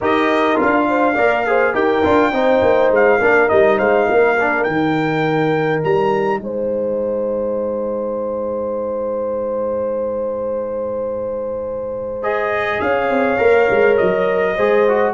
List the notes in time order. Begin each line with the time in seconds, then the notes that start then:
0.00 D#4 G4 A#4 D#5
0.55 F4 F5
0.61 D4
0.88 C5
1.15 A#3 A#4 D5
1.46 G#4 C5
1.72 D#4 G4 A#4 G5
2.03 D4 F4
2.32 C4 D#4 C5
2.62 A#3
2.90 G#3 F5
3.20 A#3 D4 A#4
3.48 G3 D#4 D#5
3.77 G#3 C5 F5
4.07 A#3 A#4
4.39 D4
4.63 D#3 D#4 G5
5.83 G3 A#5
6.39 G#3 C5 G#5
12.22 G#4 D#5
12.80 C#4 C#5 F5
13.09 C4
13.38 A#3 A#4
13.70 G#3
13.97 F#3 D#5
14.55 G#3 G#4 C5
14.88 F#4